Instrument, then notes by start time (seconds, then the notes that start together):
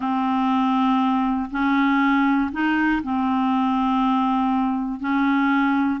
clarinet
0.00 C4
1.50 C#4
2.52 D#4
3.03 C4
5.00 C#4